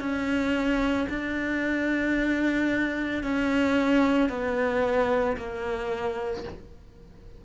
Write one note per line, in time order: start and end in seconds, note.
0.00 1.07 C#4
1.09 3.23 D4
3.23 4.29 C#4
4.29 5.36 B3
5.37 6.44 A#3